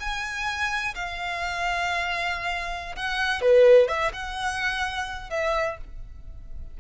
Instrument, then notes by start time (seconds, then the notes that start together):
violin
0.00 G#5
0.95 F5
2.96 F#5
3.41 B4
3.88 E5
4.13 F#5
5.30 E5